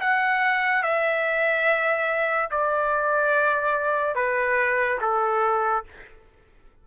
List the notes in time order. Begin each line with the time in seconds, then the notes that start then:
0.00 F#5
0.83 E5
2.50 D5
4.15 B4
5.01 A4